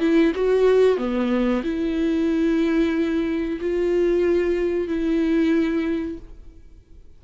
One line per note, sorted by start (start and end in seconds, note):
0.00 0.33 E4
0.35 0.98 F#4
0.98 1.63 B3
1.64 3.59 E4
3.61 4.88 F4
4.88 6.18 E4